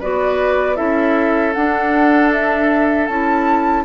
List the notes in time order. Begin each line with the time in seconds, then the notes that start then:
0.00 B3 F#4 B4 D5
0.76 C#4 E4 A4 E5
1.54 D4 F#5
2.32 E5
3.07 C#4 E4 A5